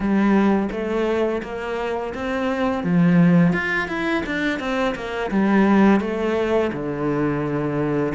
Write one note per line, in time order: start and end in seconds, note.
0.00 0.69 G3
0.71 1.42 A3
1.42 2.13 A#3
2.14 2.83 C4
2.83 3.53 F3
3.53 3.88 F4
3.88 4.23 E4
4.25 4.59 D4
4.59 4.94 C4
4.95 5.30 A#3
5.30 6.00 G3
6.00 6.71 A3
6.72 8.13 D3